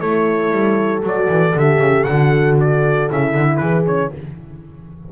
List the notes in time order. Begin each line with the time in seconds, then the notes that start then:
0.00 A3 E4 A4 C#5
0.51 G3
1.02 F#3 F#4 D5
1.29 E3
1.55 D3 G4 E5
1.79 C#3
2.04 D3 F#4 F#5
2.60 D5
3.10 C#3 E4 E5
3.35 D3
3.57 E3 G#4 B4
3.87 C#4 C#5